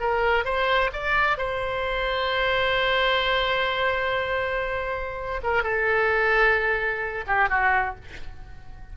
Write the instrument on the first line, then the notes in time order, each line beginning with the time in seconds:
oboe
0.00 A#4
0.45 C5
0.93 D5
1.37 C5
5.43 A#4
5.63 A4
7.27 G4
7.49 F#4